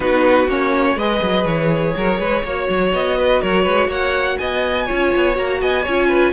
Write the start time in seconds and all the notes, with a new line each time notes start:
0.00 B3 D#4 F#4 B4
0.47 A#3 C#4 C#5
0.96 G#3 G#4 B4 D#5
1.22 F#3
1.45 E3 C#5
1.96 F#3 A#4
2.19 G#3 B4
2.43 A#3 F#4 C#5
2.69 F#3
2.92 B3 D#5
3.17 B4
3.41 F#3 A#4 C#5
3.63 G#3 B4
3.87 A#3 C#5 F#5
4.38 B3 D#5 G#5
4.86 C#4 F4 C#5
5.15 B3
5.34 A#3 F#4 A#5
5.60 B3 D#5 G#5
5.82 C#4 F4 C#5
6.08 B4